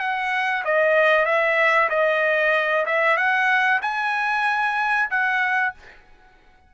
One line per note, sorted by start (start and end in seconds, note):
0.00 0.64 F#5
0.65 1.26 D#5
1.26 1.90 E5
1.90 2.86 D#5
2.86 3.17 E5
3.17 3.81 F#5
3.82 5.10 G#5
5.11 5.74 F#5